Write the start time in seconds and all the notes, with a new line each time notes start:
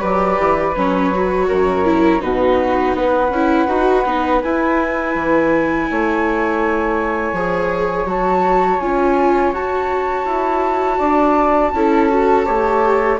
0.00 F#3 G4 B4 D5
0.39 E3
0.76 F#3 C#4 C#5
1.14 F#4
1.48 F#2 A#4
1.85 E4
2.19 B2 D#4 F#4 B4
2.95 B3 B4 F#5
3.30 C#4 E4
3.68 D#4 F#4
4.05 B3 D#4
4.42 E4 G#5
5.15 E3
5.91 A3 C#5
7.33 F3 G#4
8.05 F#3 F#4 A5
8.80 C#4 F4 G#5
9.53 F#4 A5
10.26 E4
10.98 D4 D5
11.73 C#4 E4 A4
12.09 F#4
12.46 A3 G4 C#5